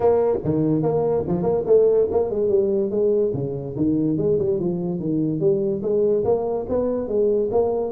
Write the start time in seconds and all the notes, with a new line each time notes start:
0.00 A#3
0.43 D#3
0.82 A#3
1.27 F3
1.42 A#3
1.66 A3
2.11 A#3
2.30 G#3
2.48 G3
2.90 G#3
3.33 C#3
3.76 D#3
4.17 G#3
4.38 G3
4.59 F3
4.99 D#3
5.40 G3
5.82 G#3
6.24 A#3
6.68 B3
7.08 G#3
7.51 A#3